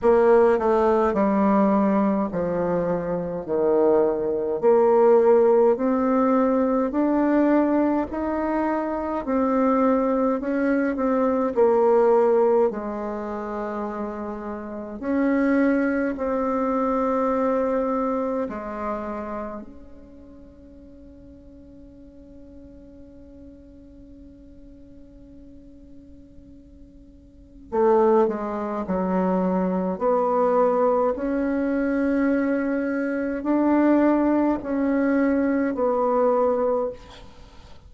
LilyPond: \new Staff \with { instrumentName = "bassoon" } { \time 4/4 \tempo 4 = 52 ais8 a8 g4 f4 dis4 | ais4 c'4 d'4 dis'4 | c'4 cis'8 c'8 ais4 gis4~ | gis4 cis'4 c'2 |
gis4 cis'2.~ | cis'1 | a8 gis8 fis4 b4 cis'4~ | cis'4 d'4 cis'4 b4 | }